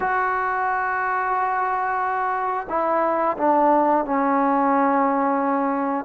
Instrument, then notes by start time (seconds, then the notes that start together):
trombone
0.00 F#4
2.69 E4
3.37 D4
4.05 C#4